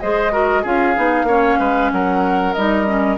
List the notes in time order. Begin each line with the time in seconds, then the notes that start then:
0.00 G#3 G#4 C5 D#5
0.32 F#4 A#4
0.62 C#4 F4 G#4 F5
0.95 B3 D#4
1.23 A#3 C#4 C#5
1.59 G#3 B4
1.92 F#3 A#4 F#5
2.53 G3 D#4 D#5
2.86 C#4